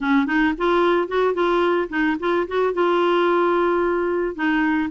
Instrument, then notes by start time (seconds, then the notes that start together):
clarinet
0.00 C#4
0.26 D#4
0.57 F4
1.08 F#4
1.34 F4
1.89 D#4
2.19 F4
2.47 F#4
2.73 F4
4.35 D#4